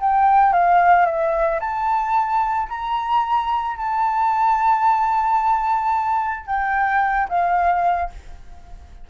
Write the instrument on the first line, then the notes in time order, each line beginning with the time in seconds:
flute
0.00 G5
0.53 F5
1.05 E5
1.60 A5
2.69 A#5
3.76 A5
6.46 G5
7.29 F5